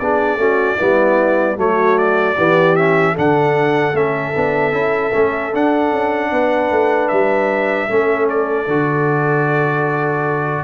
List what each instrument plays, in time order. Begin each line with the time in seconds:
0.00 tuba B3, trombone D4, horn G#4, trumpet D5
0.37 tuba A3, trombone C#4, horn F#4
0.77 tuba G3, trombone B3, horn E4
1.57 tuba F#3, trombone A3, horn F#4, trumpet C#5
1.99 trumpet D5
2.37 tuba E3, trombone B3, horn G4
2.76 trombone C#4, trumpet E5
3.14 tuba D3, trombone D4, horn A4, trumpet F#5
3.93 tuba A3, trombone C#4, trumpet E5
4.36 tuba B3, trombone D4
4.72 tuba C#4, trombone E4
5.14 tuba A3, trombone C#4
5.54 tuba D4, trombone D4, trumpet F#5
5.92 tuba C#4
6.32 tuba B3, horn B4
6.72 tuba A3
7.09 tuba G3, trumpet E5
7.89 tuba A3, trombone C#4, horn A4
8.30 trumpet D5
8.67 tuba D3, trombone F#4